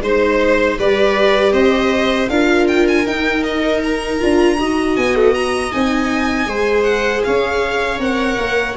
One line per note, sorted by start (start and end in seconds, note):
0.00 0.76 G#3
0.00 0.78 D#4
0.00 0.78 C5
0.78 1.52 G3
0.78 2.30 G4
0.78 1.53 B4
0.78 1.53 D5
1.52 2.28 C4
1.52 2.29 C5
1.52 2.28 D#5
2.29 3.05 D4
2.29 3.07 F4
2.29 4.59 A#4
2.29 2.67 F5
2.67 2.86 G5
2.88 3.07 G#5
3.06 4.20 D#4
3.06 3.43 G5
3.43 3.81 D#5
3.83 4.96 A#5
4.20 4.58 D4
4.20 4.58 F4
4.58 4.96 D#4
4.58 5.71 F#4
4.58 6.48 D#5
4.96 5.72 B3
4.96 5.15 G#5
5.15 5.34 A3
5.34 5.72 A#5
5.71 6.46 C4
5.71 6.46 D#4
5.71 6.83 G#5
6.46 7.22 G#3
6.46 7.98 G#4
6.46 7.24 C5
6.83 7.21 F#5
7.24 7.99 C#4
7.24 8.76 C#5
7.24 8.00 F5
7.99 8.37 C4
7.99 8.75 A#4
7.99 8.76 F#5
8.37 8.75 A#3